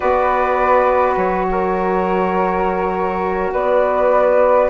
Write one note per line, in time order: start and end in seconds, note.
0.00 1.16 B3
0.00 4.69 F#4
0.00 1.47 B4
0.00 1.14 D5
1.16 3.51 F#3
1.16 3.52 C#5
1.51 3.52 A#4
3.52 4.69 B3
3.52 4.69 B4
3.52 4.69 D5